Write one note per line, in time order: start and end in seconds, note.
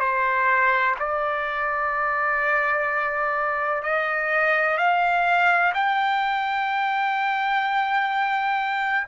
0.00 0.95 C5
0.99 3.83 D5
3.83 4.77 D#5
4.77 5.73 F5
5.74 9.07 G5